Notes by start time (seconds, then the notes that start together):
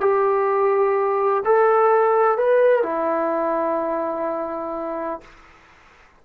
0.00 G4
1.45 A4
2.38 B4
2.83 E4